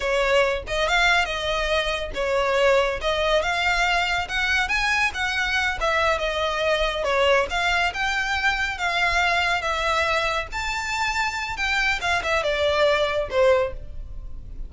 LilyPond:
\new Staff \with { instrumentName = "violin" } { \time 4/4 \tempo 4 = 140 cis''4. dis''8 f''4 dis''4~ | dis''4 cis''2 dis''4 | f''2 fis''4 gis''4 | fis''4. e''4 dis''4.~ |
dis''8 cis''4 f''4 g''4.~ | g''8 f''2 e''4.~ | e''8 a''2~ a''8 g''4 | f''8 e''8 d''2 c''4 | }